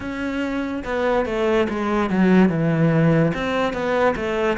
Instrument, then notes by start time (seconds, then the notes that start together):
cello
0.00 C#4
0.84 B3
1.25 A3
1.69 G#3
2.10 F#3
2.48 E3
3.33 C4
3.73 B3
4.16 A3